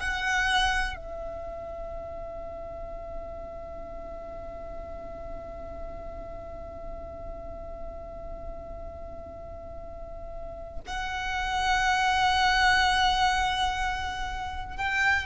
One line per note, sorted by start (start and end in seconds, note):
0.00 0.96 F#5
0.96 10.80 E5
10.87 14.77 F#5
14.77 15.26 G5